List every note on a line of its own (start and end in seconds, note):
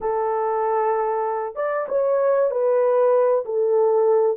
0.01 1.55 A4
1.55 1.87 D5
1.88 2.50 C#5
2.50 3.44 B4
3.45 4.37 A4